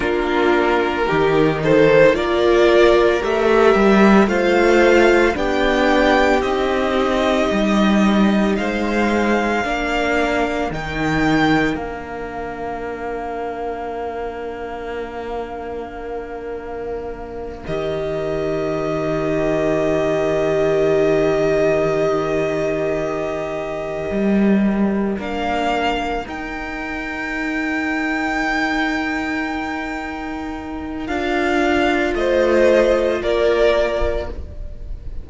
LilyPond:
<<
  \new Staff \with { instrumentName = "violin" } { \time 4/4 \tempo 4 = 56 ais'4. c''8 d''4 e''4 | f''4 g''4 dis''2 | f''2 g''4 f''4~ | f''1~ |
f''8 dis''2.~ dis''8~ | dis''2.~ dis''8 f''8~ | f''8 g''2.~ g''8~ | g''4 f''4 dis''4 d''4 | }
  \new Staff \with { instrumentName = "violin" } { \time 4/4 f'4 g'8 a'8 ais'2 | c''4 g'2. | c''4 ais'2.~ | ais'1~ |
ais'1~ | ais'1~ | ais'1~ | ais'2 c''4 ais'4 | }
  \new Staff \with { instrumentName = "viola" } { \time 4/4 d'4 dis'4 f'4 g'4 | f'4 d'4 dis'2~ | dis'4 d'4 dis'4 d'4~ | d'1~ |
d'8 g'2.~ g'8~ | g'2.~ g'8 d'8~ | d'8 dis'2.~ dis'8~ | dis'4 f'2. | }
  \new Staff \with { instrumentName = "cello" } { \time 4/4 ais4 dis4 ais4 a8 g8 | a4 b4 c'4 g4 | gis4 ais4 dis4 ais4~ | ais1~ |
ais8 dis2.~ dis8~ | dis2~ dis8 g4 ais8~ | ais8 dis'2.~ dis'8~ | dis'4 d'4 a4 ais4 | }
>>